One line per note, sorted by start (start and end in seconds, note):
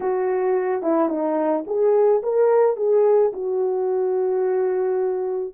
0.00 0.82 F#4
0.82 1.09 E4
1.09 1.64 D#4
1.66 2.22 G#4
2.22 2.76 A#4
2.76 3.32 G#4
3.32 5.54 F#4